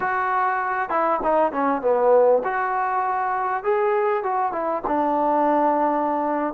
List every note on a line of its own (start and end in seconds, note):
0.00 0.89 F#4
0.89 1.20 E4
1.23 1.52 D#4
1.52 1.81 C#4
1.81 2.42 B3
2.44 3.63 F#4
3.63 4.23 G#4
4.23 4.52 F#4
4.52 4.82 E4
4.87 6.53 D4